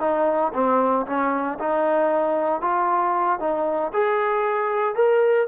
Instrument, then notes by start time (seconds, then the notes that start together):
trombone
0.00 D#4
0.54 C4
1.06 C#4
1.59 D#4
2.61 F4
3.40 D#4
3.93 G#4
4.95 A#4